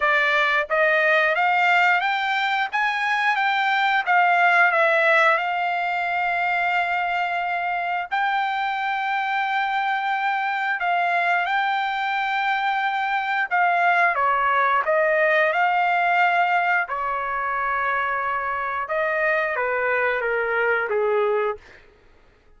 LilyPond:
\new Staff \with { instrumentName = "trumpet" } { \time 4/4 \tempo 4 = 89 d''4 dis''4 f''4 g''4 | gis''4 g''4 f''4 e''4 | f''1 | g''1 |
f''4 g''2. | f''4 cis''4 dis''4 f''4~ | f''4 cis''2. | dis''4 b'4 ais'4 gis'4 | }